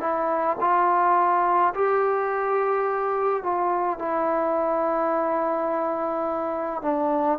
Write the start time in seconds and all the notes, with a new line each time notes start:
0.00 E4
0.60 F4
1.74 G4
3.43 F4
3.99 E4
6.82 D4